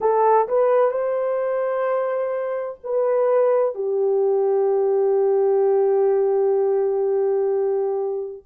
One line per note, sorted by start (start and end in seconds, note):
0.00 0.47 A4
0.47 0.91 B4
0.91 2.78 C5
2.83 3.74 B4
3.74 8.43 G4